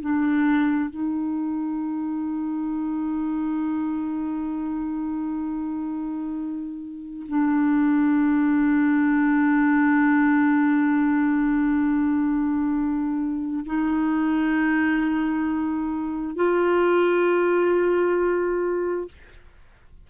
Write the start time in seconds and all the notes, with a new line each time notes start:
0.00 D4
0.90 D#4
7.28 D4
13.65 D#4
16.35 F4